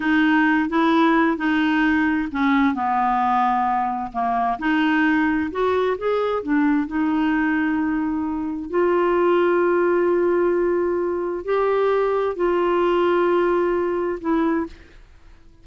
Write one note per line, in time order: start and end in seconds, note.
0.00 0.69 D#4
0.69 1.37 E4
1.37 2.29 D#4
2.31 2.74 C#4
2.74 4.11 B3
4.12 4.58 A#3
4.58 5.50 D#4
5.51 5.97 F#4
5.98 6.42 G#4
6.42 6.87 D4
6.87 8.70 D#4
8.70 11.44 F4
11.44 12.35 G4
12.35 14.19 F4
14.20 14.66 E4